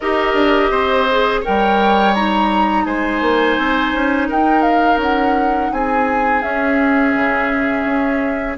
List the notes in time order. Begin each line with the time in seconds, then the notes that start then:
0.00 D#4 G4 A#4 D#5
0.33 D4
0.70 C4 C5
1.10 G#4
1.40 A#4 C#5 G5
1.48 G3
2.14 D#4 A#5
2.85 G#3 C5 G#5
3.21 A#3
3.57 C4
3.93 C#4
4.28 D#4 A#4 G5
4.62 F5
4.96 C#4 F#5
5.72 C4 G#4 G#5
6.42 C#4 E5
7.14 C#3
7.85 C#4